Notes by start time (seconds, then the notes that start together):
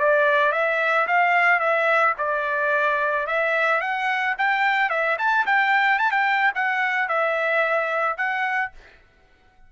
0.00 D5
0.53 E5
1.07 F5
1.60 E5
2.18 D5
3.27 E5
3.81 F#5
4.38 G5
4.90 E5
5.19 A5
5.46 G5
5.99 A5
6.12 G5
6.55 F#5
7.09 E5
8.17 F#5